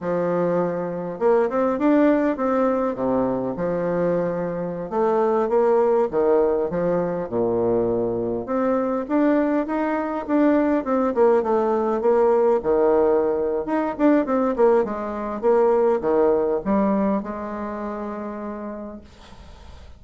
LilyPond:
\new Staff \with { instrumentName = "bassoon" } { \time 4/4 \tempo 4 = 101 f2 ais8 c'8 d'4 | c'4 c4 f2~ | f16 a4 ais4 dis4 f8.~ | f16 ais,2 c'4 d'8.~ |
d'16 dis'4 d'4 c'8 ais8 a8.~ | a16 ais4 dis4.~ dis16 dis'8 d'8 | c'8 ais8 gis4 ais4 dis4 | g4 gis2. | }